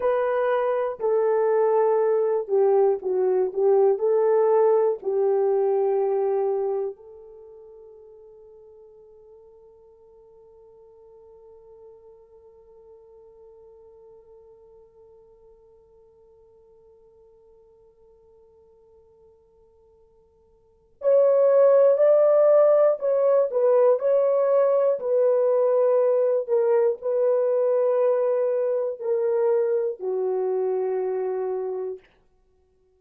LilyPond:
\new Staff \with { instrumentName = "horn" } { \time 4/4 \tempo 4 = 60 b'4 a'4. g'8 fis'8 g'8 | a'4 g'2 a'4~ | a'1~ | a'1~ |
a'1~ | a'4 cis''4 d''4 cis''8 b'8 | cis''4 b'4. ais'8 b'4~ | b'4 ais'4 fis'2 | }